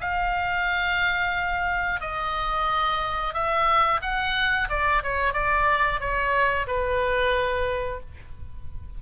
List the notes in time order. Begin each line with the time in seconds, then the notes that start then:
0.00 F5
2.00 D#5
3.34 E5
4.01 F#5
4.69 D5
5.02 C#5
5.33 D5
6.00 C#5
6.66 B4